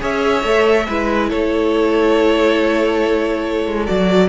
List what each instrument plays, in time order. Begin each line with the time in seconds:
0.00 cello C#4, viola G#4, violin C#5 E5
0.43 cello A3, viola A4
0.88 cello G#3, viola E4, violin B4
1.29 cello A3, violin A4 C#5
3.66 cello G#3
3.86 cello F#3, viola F#4, violin D5